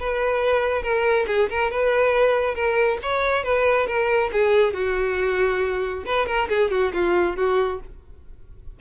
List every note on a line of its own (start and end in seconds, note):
0.00 0.83 B4
0.83 1.26 A#4
1.28 1.50 G#4
1.50 1.71 A#4
1.71 2.55 B4
2.55 2.99 A#4
3.03 3.44 C#5
3.44 3.87 B4
3.87 4.31 A#4
4.33 4.74 G#4
4.74 6.05 F#4
6.06 6.27 B4
6.27 6.49 A#4
6.49 6.71 G#4
6.71 6.93 F#4
6.94 7.37 F4
7.37 7.81 F#4